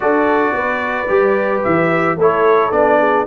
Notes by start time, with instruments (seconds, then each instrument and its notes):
0.00 tuba D4, trombone F#4, horn A4, trumpet D5
0.52 tuba B3, horn B4
1.08 tuba G3, trombone G4
1.63 tuba E3, trumpet E5
2.17 tuba A3, trombone E4, horn A4, trumpet C#5
2.71 tuba B3, trombone D4, trumpet D5
2.99 horn G#4